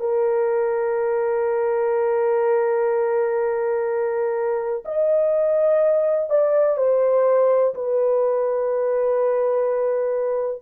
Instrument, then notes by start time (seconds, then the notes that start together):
horn
0.00 A#4
4.85 D#5
6.30 D5
6.77 C5
7.75 B4